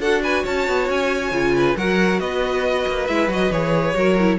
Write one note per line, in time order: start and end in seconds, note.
0.00 0.44 D4
0.00 1.32 F#4
0.00 0.22 A4
0.00 0.23 F#5
0.23 0.43 B4
0.23 0.45 G#5
0.43 0.67 C#4
0.43 1.52 C#5
0.43 0.89 A5
0.67 0.89 B3
0.89 1.31 C#4
0.89 1.77 G#5
1.31 1.75 C#3
1.31 1.76 F4
1.55 1.77 B4
1.76 2.20 F#3
1.76 3.08 F#4
1.76 2.21 A#4
1.76 2.20 F#5
2.20 2.85 B3
2.20 3.96 B4
2.20 3.07 D#5
2.88 3.08 A#3
3.07 3.28 G#3
3.07 3.29 E4
3.07 3.28 E5
3.28 3.50 F#3
3.28 3.51 F#4
3.28 3.51 D#5
3.50 3.94 E3
3.50 3.95 G#4
3.50 4.39 C#5
3.95 4.39 F#3
3.95 4.17 F#4
3.95 4.39 A#4
4.19 4.39 E4